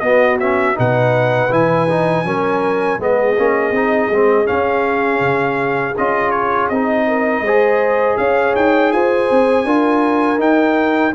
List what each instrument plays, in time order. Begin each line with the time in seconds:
0.00 tuba B3, trombone B3, horn F#4, trumpet D#5
0.40 trombone C#4, trumpet E5
0.75 tuba B2, trombone D#4, horn B4, trumpet F#5
1.51 tuba E3, trombone E4, trumpet G#5
1.89 trombone D#4
2.24 tuba F#3, trombone C#4, horn A#4
2.99 tuba G#3, trombone B3, horn G#4, trumpet D#5
3.37 tuba A#3, trombone C#4
3.71 tuba C4, trombone D#4
4.09 tuba G#3, trombone C4
4.46 trombone C#4, tuba C#4, trumpet F5
5.20 tuba C#3
5.98 tuba C#4, trombone F4, trumpet D#5
6.31 trumpet C#5
6.69 tuba C4, trombone D#4, trumpet D#5
7.07 horn A#4
7.41 tuba G#3, horn C5
7.47 trombone G#4
8.17 tuba C#4, horn C#5, trumpet F5
8.56 tuba D#4, trumpet G5
8.92 tuba F4, horn C5, trumpet G#5
9.31 tuba C4
9.65 tuba D4, trombone F4, horn A#4
10.38 trombone D#4, tuba D#4, trumpet G5